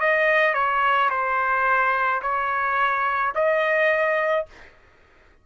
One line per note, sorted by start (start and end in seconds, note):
0.00 0.54 D#5
0.54 1.10 C#5
1.10 2.21 C5
2.22 3.33 C#5
3.35 4.46 D#5